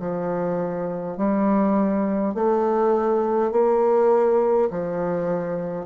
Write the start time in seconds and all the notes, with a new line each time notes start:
0.00 F3
1.18 G3
2.35 A3
3.52 A#3
4.71 F3